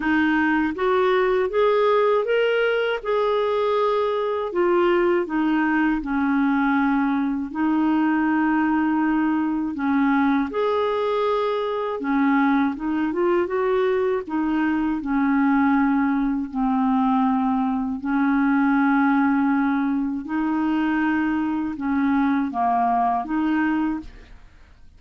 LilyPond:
\new Staff \with { instrumentName = "clarinet" } { \time 4/4 \tempo 4 = 80 dis'4 fis'4 gis'4 ais'4 | gis'2 f'4 dis'4 | cis'2 dis'2~ | dis'4 cis'4 gis'2 |
cis'4 dis'8 f'8 fis'4 dis'4 | cis'2 c'2 | cis'2. dis'4~ | dis'4 cis'4 ais4 dis'4 | }